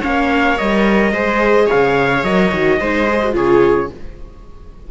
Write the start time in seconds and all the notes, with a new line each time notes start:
0.00 A#3 C#4 C#5 F5
0.58 G3 A#4 D#5
1.11 G#3 G#4 C5
1.66 C#5 F5
1.73 C#3
2.23 F#3 A#4 D#5
2.52 D#3 F#4
2.79 G#3 D#4 C5
3.08 G#4
3.23 F#4
3.32 C#3 F4 G#4 C#5